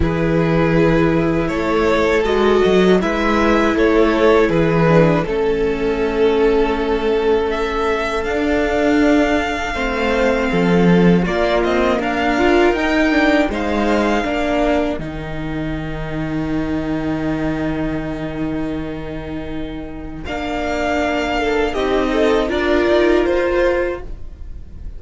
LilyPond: <<
  \new Staff \with { instrumentName = "violin" } { \time 4/4 \tempo 4 = 80 b'2 cis''4 dis''4 | e''4 cis''4 b'4 a'4~ | a'2 e''4 f''4~ | f''2. d''8 dis''8 |
f''4 g''4 f''2 | g''1~ | g''2. f''4~ | f''4 dis''4 d''4 c''4 | }
  \new Staff \with { instrumentName = "violin" } { \time 4/4 gis'2 a'2 | b'4 a'4 gis'4 a'4~ | a'1~ | a'4 c''4 a'4 f'4 |
ais'2 c''4 ais'4~ | ais'1~ | ais'1~ | ais'8 a'8 g'8 a'8 ais'2 | }
  \new Staff \with { instrumentName = "viola" } { \time 4/4 e'2. fis'4 | e'2~ e'8 d'8 cis'4~ | cis'2. d'4~ | d'4 c'2 ais4~ |
ais8 f'8 dis'8 d'8 dis'4 d'4 | dis'1~ | dis'2. d'4~ | d'4 dis'4 f'2 | }
  \new Staff \with { instrumentName = "cello" } { \time 4/4 e2 a4 gis8 fis8 | gis4 a4 e4 a4~ | a2. d'4~ | d'4 a4 f4 ais8 c'8 |
d'4 dis'4 gis4 ais4 | dis1~ | dis2. ais4~ | ais4 c'4 d'8 dis'8 f'4 | }
>>